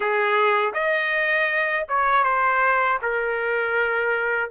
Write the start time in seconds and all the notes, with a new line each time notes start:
0.00 G#4
0.73 D#5
1.88 C#5
2.23 C5
3.01 A#4